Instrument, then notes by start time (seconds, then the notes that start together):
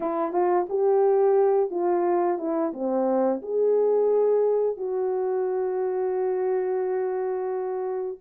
horn
0.00 E4
0.32 F4
0.69 G4
1.70 F4
2.38 E4
2.73 C4
3.42 G#4
4.77 F#4